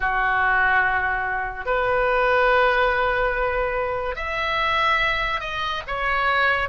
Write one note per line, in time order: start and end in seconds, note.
0.00 1.65 F#4
1.65 4.15 B4
4.15 5.40 E5
5.40 5.81 D#5
5.87 6.69 C#5